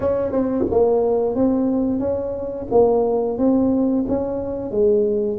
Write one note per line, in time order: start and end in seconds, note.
0.00 0.31 C#4
0.31 0.65 C4
0.70 1.35 A#3
1.35 1.99 C4
1.99 2.67 C#4
2.71 3.37 A#3
3.37 4.05 C4
4.08 4.71 C#4
4.71 5.38 G#3